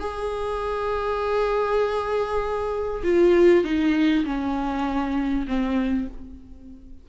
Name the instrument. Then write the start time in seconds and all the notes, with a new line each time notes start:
viola
0.00 G#4
3.04 F4
3.64 D#4
4.25 C#4
5.48 C4